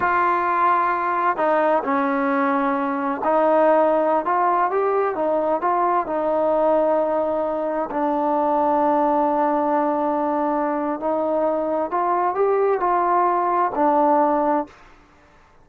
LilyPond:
\new Staff \with { instrumentName = "trombone" } { \time 4/4 \tempo 4 = 131 f'2. dis'4 | cis'2. dis'4~ | dis'4~ dis'16 f'4 g'4 dis'8.~ | dis'16 f'4 dis'2~ dis'8.~ |
dis'4~ dis'16 d'2~ d'8.~ | d'1 | dis'2 f'4 g'4 | f'2 d'2 | }